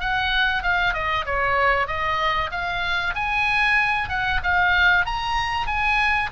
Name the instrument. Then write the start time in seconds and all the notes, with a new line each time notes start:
oboe
0.00 F#5
0.63 F5
0.94 D#5
1.26 C#5
1.87 D#5
2.51 F5
3.14 G#5
4.09 F#5
4.43 F5
5.06 A#5
5.67 G#5